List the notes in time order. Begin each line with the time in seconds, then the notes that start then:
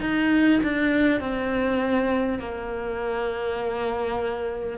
0.00 D#4
0.63 D4
1.20 C4
2.38 A#3